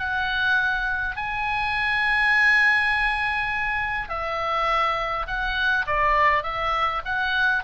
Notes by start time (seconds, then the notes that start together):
0.00 F#5
1.17 G#5
4.09 E5
5.28 F#5
5.87 D5
6.44 E5
7.05 F#5